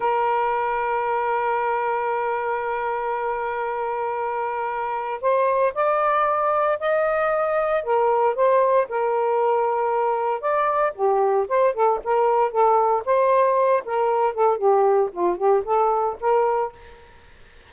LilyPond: \new Staff \with { instrumentName = "saxophone" } { \time 4/4 \tempo 4 = 115 ais'1~ | ais'1~ | ais'2 c''4 d''4~ | d''4 dis''2 ais'4 |
c''4 ais'2. | d''4 g'4 c''8 a'8 ais'4 | a'4 c''4. ais'4 a'8 | g'4 f'8 g'8 a'4 ais'4 | }